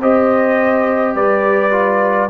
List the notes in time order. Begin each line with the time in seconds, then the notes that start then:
0.00 C4 G4 C5 D#5
1.15 G3 B4 D5
1.71 F4